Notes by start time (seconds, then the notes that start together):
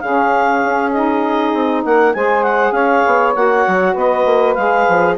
0.00 C#3 C#4 G#4 F5
0.64 C#4
0.92 D#4 D#5
1.54 C4
1.84 A#3 A#4 F#5
2.14 G#3 G#4 C5 G#5
2.43 F#5
2.72 C#4 C#5 F5
3.07 B3
3.34 A#3 F#4 F#5
3.67 F#3
3.93 B3 B4 D#5
4.25 A#3
4.54 G#3 G#4 F5
4.89 F3